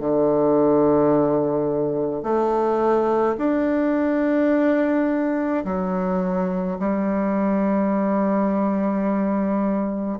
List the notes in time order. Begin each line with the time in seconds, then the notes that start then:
0.00 D3
2.23 A3
3.38 D4
5.64 F#3
6.79 G3